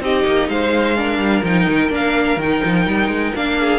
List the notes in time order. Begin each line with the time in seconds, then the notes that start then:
0.00 C4 D#4 G4 D#5
0.25 A#3
0.48 G#3 C5 F5
0.96 D4 A#4
1.18 G3
1.43 F3 D#4 G5
1.68 D#3
1.89 A#3 D4 F5
2.37 D#3 G5
2.43 D#4
2.64 F3
2.86 G3
3.08 G#3
3.35 A#3 D4 F5
3.59 G#4